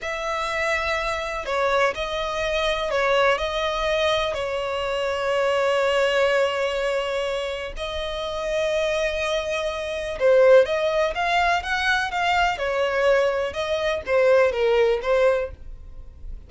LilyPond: \new Staff \with { instrumentName = "violin" } { \time 4/4 \tempo 4 = 124 e''2. cis''4 | dis''2 cis''4 dis''4~ | dis''4 cis''2.~ | cis''1 |
dis''1~ | dis''4 c''4 dis''4 f''4 | fis''4 f''4 cis''2 | dis''4 c''4 ais'4 c''4 | }